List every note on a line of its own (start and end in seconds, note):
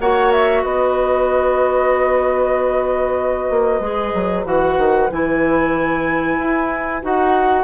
0.00 0.64 A#3
0.00 3.82 F#4
0.00 0.63 C#5
0.00 0.32 F#5
0.32 0.64 E5
0.63 3.50 B3
0.63 7.64 B4
0.63 4.47 D#5
3.50 3.80 A#3
3.80 4.12 G#3
3.80 4.45 G#4
4.14 4.45 F#3
4.45 4.77 E3
4.45 5.09 F#4
4.45 5.11 F#5
4.78 5.09 D#3
5.11 6.38 E3
5.11 7.02 E4
5.11 7.04 G#5
6.38 7.02 E4
7.02 7.64 D#4
7.02 7.64 F#4
7.02 7.64 F#5